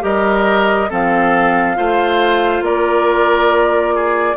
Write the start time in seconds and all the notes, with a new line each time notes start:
0.00 G3 G4 A#4 D#5
0.89 F3 C4 A4 F5
1.75 A3 F4 C5
2.61 A#3 A#4 D5
3.94 G#4